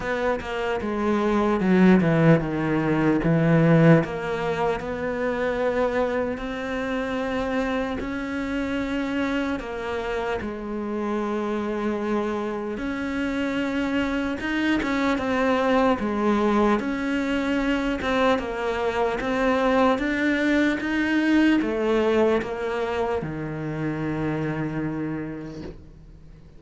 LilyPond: \new Staff \with { instrumentName = "cello" } { \time 4/4 \tempo 4 = 75 b8 ais8 gis4 fis8 e8 dis4 | e4 ais4 b2 | c'2 cis'2 | ais4 gis2. |
cis'2 dis'8 cis'8 c'4 | gis4 cis'4. c'8 ais4 | c'4 d'4 dis'4 a4 | ais4 dis2. | }